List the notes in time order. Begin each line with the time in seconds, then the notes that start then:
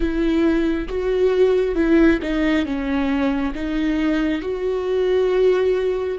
0.00 E4
0.88 F#4
1.75 E4
2.22 D#4
2.65 C#4
3.54 D#4
4.41 F#4